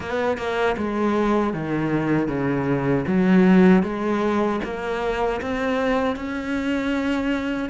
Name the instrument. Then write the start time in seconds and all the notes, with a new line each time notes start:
cello
0.00 B3
0.37 A#3
0.77 G#3
1.53 D#3
2.28 C#3
3.07 F#3
3.83 G#3
4.64 A#3
5.41 C4
6.15 C#4